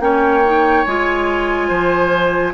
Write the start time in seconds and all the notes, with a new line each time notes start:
0.00 A#3 C#4 C#5 G5
0.45 D#4
0.84 G#3 F4 G#5
1.68 F3 C5